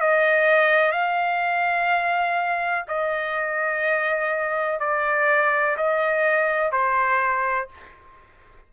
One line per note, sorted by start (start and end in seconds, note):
0.00 0.92 D#5
0.92 2.85 F5
2.88 4.79 D#5
4.79 5.76 D5
5.77 6.72 D#5
6.72 7.68 C5